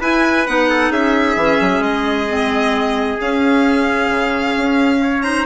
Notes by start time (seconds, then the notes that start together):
0.00 E4 B4 G#5
0.47 B3 D#4 F#5
0.69 A4
0.90 C#4 G#4 E5
1.36 E3 C#4
1.60 F#3
1.79 G#3 D#5
2.28 C4
3.20 C#4 F5
4.09 C#3
4.56 C#4
5.01 C#5
5.22 D#4 C5 A#5